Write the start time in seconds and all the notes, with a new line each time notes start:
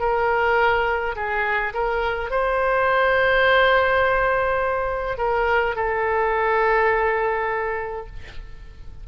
0.00 A#4
1.16 G#4
1.74 A#4
2.31 C5
5.18 A#4
5.76 A4